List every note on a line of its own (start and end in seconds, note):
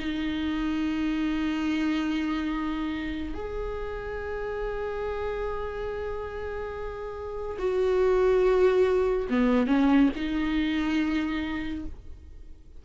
0.00 3.35 D#4
3.35 7.57 G#4
7.59 9.28 F#4
9.30 9.68 B3
9.68 10.10 C#4
10.16 11.85 D#4